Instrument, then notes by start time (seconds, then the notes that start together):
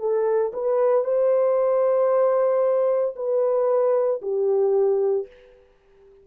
horn
0.00 A4
0.54 B4
1.05 C5
3.16 B4
4.22 G4